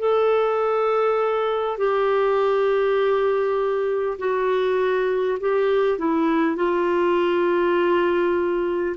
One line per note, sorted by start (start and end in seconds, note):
0.00 1.78 A4
1.78 4.18 G4
4.19 5.39 F#4
5.41 5.99 G4
5.99 6.56 E4
6.56 8.96 F4